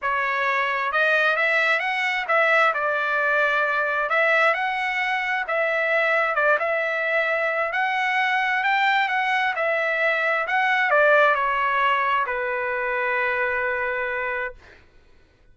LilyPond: \new Staff \with { instrumentName = "trumpet" } { \time 4/4 \tempo 4 = 132 cis''2 dis''4 e''4 | fis''4 e''4 d''2~ | d''4 e''4 fis''2 | e''2 d''8 e''4.~ |
e''4 fis''2 g''4 | fis''4 e''2 fis''4 | d''4 cis''2 b'4~ | b'1 | }